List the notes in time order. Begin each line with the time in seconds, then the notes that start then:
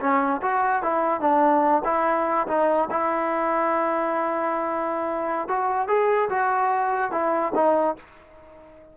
0.00 C#4
0.42 F#4
0.83 E4
1.21 D4
1.85 E4
2.48 D#4
2.91 E4
5.48 F#4
5.88 G#4
6.30 F#4
7.12 E4
7.55 D#4